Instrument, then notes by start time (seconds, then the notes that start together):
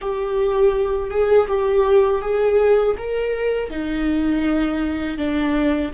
viola
0.01 G4
1.10 G#4
1.47 G4
2.21 G#4
2.97 A#4
3.70 D#4
5.17 D4